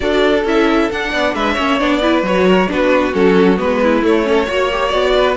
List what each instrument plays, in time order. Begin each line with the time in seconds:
0.00 cello D4, viola F#4, violin A4 D5
0.44 cello C#4, viola E4, violin E5
0.91 viola D4, cello D4, violin F#5
1.10 cello B3, violin D5
1.34 cello G#3, violin B4 E5
1.53 cello A#3, viola C#4, violin C#5
1.79 cello B3, viola D4, violin D5
2.01 viola E4, violin B4
2.22 cello F#3, viola F#4, violin C#5
2.47 violin A#4
2.67 cello B3, viola D4, violin F#4 B4
3.12 cello F#3, viola C#4, violin A4
3.56 cello G#3, viola B3, violin B4
3.83 violin E4
4.02 viola A3, cello A3, violin C#5
4.23 viola C#4, violin A4
4.46 cello A#3, viola F#4, violin C#5
4.71 viola G4
4.88 cello B3, viola F#4, violin D5
5.15 violin B4